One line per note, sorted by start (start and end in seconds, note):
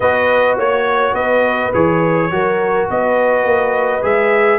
0.00 0.57 B3
0.00 1.73 F#4
0.00 0.56 B4
0.00 0.58 D#5
0.56 1.13 A#3
0.56 1.13 C#5
0.56 1.14 C#5
1.13 1.71 B3
1.13 2.29 B4
1.13 1.72 D#5
1.73 2.31 E3
1.73 2.31 G#4
1.73 2.89 C#5
2.31 2.89 F#3
2.31 4.02 F#4
2.31 2.89 A#4
2.89 3.44 B3
2.89 4.59 B4
2.89 4.04 D#5
3.44 4.02 A#3
4.02 4.59 G#3
4.02 4.59 G#4
4.02 4.59 E5